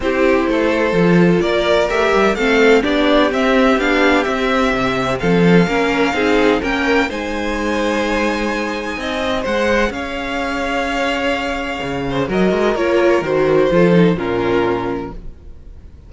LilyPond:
<<
  \new Staff \with { instrumentName = "violin" } { \time 4/4 \tempo 4 = 127 c''2. d''4 | e''4 f''4 d''4 e''4 | f''4 e''2 f''4~ | f''2 g''4 gis''4~ |
gis''1 | fis''4 f''2.~ | f''2 dis''4 cis''4 | c''2 ais'2 | }
  \new Staff \with { instrumentName = "violin" } { \time 4/4 g'4 a'2 ais'4~ | ais'4 a'4 g'2~ | g'2. a'4 | ais'4 gis'4 ais'4 c''4~ |
c''2. dis''4 | c''4 cis''2.~ | cis''4. c''8 ais'2~ | ais'4 a'4 f'2 | }
  \new Staff \with { instrumentName = "viola" } { \time 4/4 e'2 f'2 | g'4 c'4 d'4 c'4 | d'4 c'2. | cis'4 dis'4 cis'4 dis'4~ |
dis'1 | gis'1~ | gis'2 fis'4 f'4 | fis'4 f'8 dis'8 cis'2 | }
  \new Staff \with { instrumentName = "cello" } { \time 4/4 c'4 a4 f4 ais4 | a8 g8 a4 b4 c'4 | b4 c'4 c4 f4 | ais4 c'4 ais4 gis4~ |
gis2. c'4 | gis4 cis'2.~ | cis'4 cis4 fis8 gis8 ais4 | dis4 f4 ais,2 | }
>>